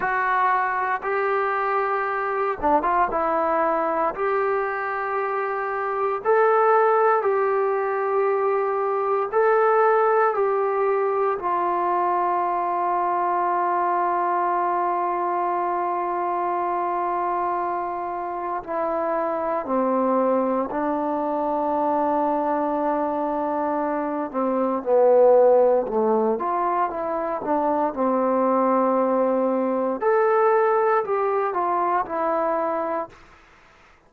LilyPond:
\new Staff \with { instrumentName = "trombone" } { \time 4/4 \tempo 4 = 58 fis'4 g'4. d'16 f'16 e'4 | g'2 a'4 g'4~ | g'4 a'4 g'4 f'4~ | f'1~ |
f'2 e'4 c'4 | d'2.~ d'8 c'8 | b4 a8 f'8 e'8 d'8 c'4~ | c'4 a'4 g'8 f'8 e'4 | }